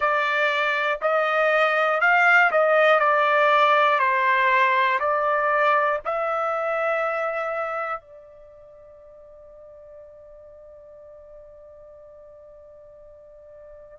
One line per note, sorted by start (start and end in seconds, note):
0.00 1.00 D5
1.01 2.00 D#5
2.00 2.50 F5
2.50 3.00 D#5
3.00 3.99 D5
3.99 4.99 C5
5.00 6.00 D5
6.05 8.00 E5
8.00 13.99 D5